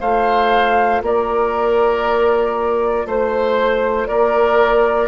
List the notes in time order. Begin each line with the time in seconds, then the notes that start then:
0.00 A3 F4 C5 F5
1.02 A#3 A#4 D5
3.06 A3 C5
4.07 A#3 A#4 D5